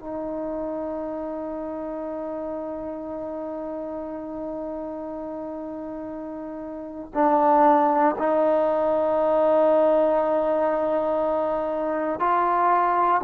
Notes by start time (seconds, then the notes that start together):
0.00 D#4
7.15 D4
8.19 D#4
12.20 F4